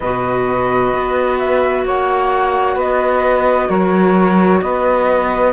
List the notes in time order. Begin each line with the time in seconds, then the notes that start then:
0.00 B2 F#4 B4 D#5
0.93 B3
1.38 E5
1.84 A#3 C#5 F#5
2.74 B3 B4 D#5
3.68 F#3 A#4 C#5
4.61 B3 B4 D#5